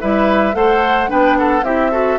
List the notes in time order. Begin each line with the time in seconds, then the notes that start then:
0.00 G3 E4 B4 E5
0.52 A3 A4 C5 F#5
1.07 B3 D4 B4 G5
1.37 A4 F#5
1.62 C4 E4 G4 E5
1.91 F#4 A4